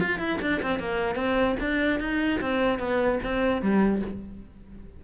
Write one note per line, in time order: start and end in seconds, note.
0.00 0.18 F4
0.18 0.39 E4
0.41 0.61 D4
0.62 0.79 C4
0.79 1.15 A#3
1.15 1.55 C4
1.60 2.00 D4
2.00 2.40 D#4
2.40 2.78 C4
2.78 3.19 B3
3.23 3.61 C4
3.61 4.02 G3